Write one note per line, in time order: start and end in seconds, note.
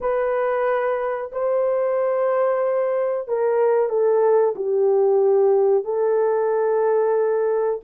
0.01 1.31 B4
1.32 3.28 C5
3.28 3.89 A#4
3.89 4.54 A4
4.55 5.84 G4
5.84 7.80 A4